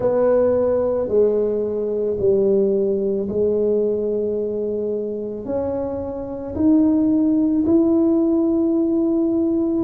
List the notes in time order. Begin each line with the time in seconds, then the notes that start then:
0.00 B3
1.08 G#3
2.19 G3
3.28 G#3
5.45 C#4
6.55 D#4
7.66 E4